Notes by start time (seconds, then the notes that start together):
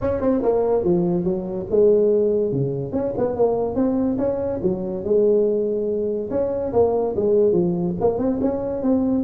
0.01 C#4
0.21 C4
0.42 A#3
0.84 F3
1.24 F#3
1.70 G#3
2.52 C#3
2.92 C#4
3.17 B3
3.35 A#3
3.75 C4
4.17 C#4
4.62 F#3
5.03 G#3
6.30 C#4
6.72 A#3
7.16 G#3
7.52 F3
8.00 A#3
8.18 C4
8.41 C#4
8.82 C4